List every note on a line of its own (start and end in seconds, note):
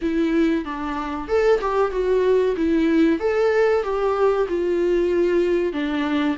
0.01 0.64 E4
0.64 1.28 D4
1.28 1.60 A4
1.60 1.91 G4
1.91 2.55 F#4
2.56 3.19 E4
3.19 3.83 A4
3.83 4.47 G4
4.48 5.72 F4
5.72 6.36 D4